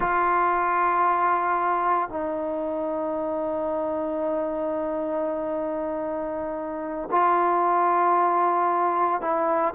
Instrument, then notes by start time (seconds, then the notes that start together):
trombone
0.00 F4
2.09 D#4
7.11 F4
9.21 E4